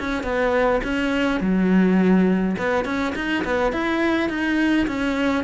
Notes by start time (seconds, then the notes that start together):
0.00 C#4
0.23 B3
0.84 C#4
1.41 F#3
2.58 B3
2.85 C#4
3.15 D#4
3.45 B3
3.73 E4
4.30 D#4
4.88 C#4